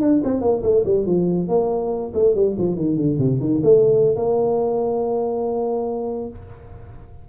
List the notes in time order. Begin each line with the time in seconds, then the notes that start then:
0.00 D4
0.24 C4
0.41 A#3
0.62 A3
0.85 G3
1.06 F3
1.48 A#3
2.14 A3
2.34 G3
2.58 F3
2.75 D#3
2.96 D3
3.18 C3
3.39 D#3
3.63 A3
4.15 A#3